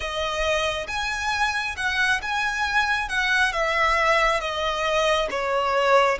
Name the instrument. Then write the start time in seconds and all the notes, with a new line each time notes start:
violin
0.00 D#5
0.87 G#5
1.76 F#5
2.22 G#5
3.08 F#5
3.52 E5
4.40 D#5
5.30 C#5